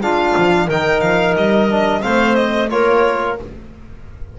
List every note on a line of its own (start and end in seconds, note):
0.00 0.34 G#3
0.00 0.69 D4
0.00 0.65 F4
0.00 0.69 F5
0.37 0.68 F3
0.65 1.01 D#3
0.65 1.70 D#4
0.65 2.00 A#4
0.65 1.00 G5
1.00 1.35 F3
1.00 1.34 F5
1.36 2.03 G3
1.36 2.02 D#5
1.70 2.01 D4
2.01 2.71 A3
2.01 2.68 C4
2.01 2.69 C5
2.01 2.35 F5
2.35 2.69 D#5
2.70 3.39 A#3
2.70 3.37 F4
2.70 3.38 A#4
2.70 3.37 C#5